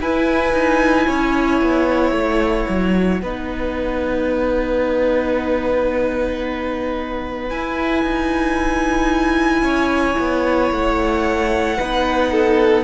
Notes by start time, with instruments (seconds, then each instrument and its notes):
0.00 cello E4, viola E4, violin B4 G#5
0.52 cello D#4
1.06 cello C#4, violin C#5
1.61 cello B3
2.11 cello A3, violin F#5
2.69 cello F#3
3.22 cello B3, viola D#4, violin B4
7.49 viola E4, cello E4, violin G#5
8.03 cello D#4
9.61 cello C#4, violin C#5
10.18 cello B3
10.71 cello A3, violin F#5
11.77 cello B3, viola D#4, violin B4
12.31 violin A4